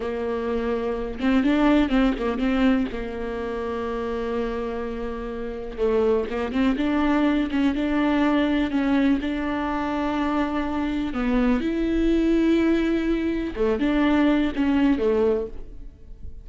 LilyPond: \new Staff \with { instrumentName = "viola" } { \time 4/4 \tempo 4 = 124 ais2~ ais8 c'8 d'4 | c'8 ais8 c'4 ais2~ | ais1 | a4 ais8 c'8 d'4. cis'8 |
d'2 cis'4 d'4~ | d'2. b4 | e'1 | a8 d'4. cis'4 a4 | }